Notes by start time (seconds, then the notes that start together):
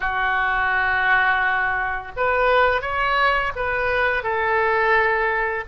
0.00 F#4
2.16 B4
2.81 C#5
3.55 B4
4.23 A4